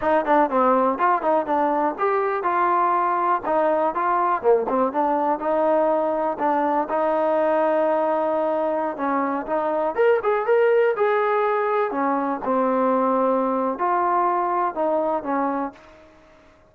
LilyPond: \new Staff \with { instrumentName = "trombone" } { \time 4/4 \tempo 4 = 122 dis'8 d'8 c'4 f'8 dis'8 d'4 | g'4 f'2 dis'4 | f'4 ais8 c'8 d'4 dis'4~ | dis'4 d'4 dis'2~ |
dis'2~ dis'16 cis'4 dis'8.~ | dis'16 ais'8 gis'8 ais'4 gis'4.~ gis'16~ | gis'16 cis'4 c'2~ c'8. | f'2 dis'4 cis'4 | }